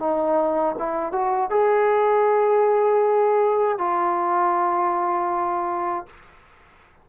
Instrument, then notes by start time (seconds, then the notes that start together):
trombone
0.00 D#4
0.79 E4
1.13 F#4
1.51 G#4
3.79 F4